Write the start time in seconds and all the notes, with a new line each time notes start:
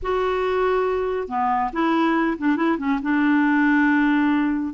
0.02 F#4
1.28 B3
1.73 E4
2.37 D4
2.56 E4
2.78 C#4
3.02 D4